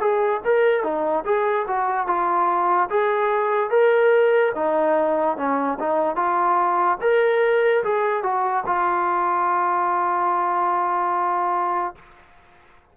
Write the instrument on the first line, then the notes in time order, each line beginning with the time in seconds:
trombone
0.00 G#4
0.45 A#4
0.84 D#4
1.26 G#4
1.68 F#4
2.07 F4
2.90 G#4
3.71 A#4
4.55 D#4
5.38 C#4
5.80 D#4
6.16 F4
7.02 A#4
7.85 G#4
8.23 F#4
8.67 F4